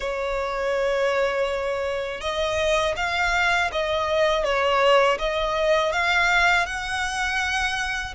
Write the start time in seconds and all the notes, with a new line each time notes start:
0.00 C#5
2.20 D#5
2.96 F5
3.71 D#5
4.44 C#5
5.19 D#5
5.92 F5
6.66 F#5